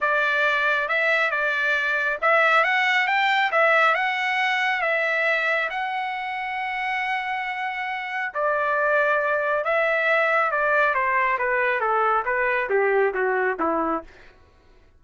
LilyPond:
\new Staff \with { instrumentName = "trumpet" } { \time 4/4 \tempo 4 = 137 d''2 e''4 d''4~ | d''4 e''4 fis''4 g''4 | e''4 fis''2 e''4~ | e''4 fis''2.~ |
fis''2. d''4~ | d''2 e''2 | d''4 c''4 b'4 a'4 | b'4 g'4 fis'4 e'4 | }